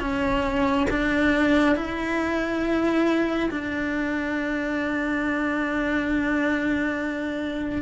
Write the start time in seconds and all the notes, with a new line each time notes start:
0.00 C#4
0.90 D4
1.75 E4
3.51 D4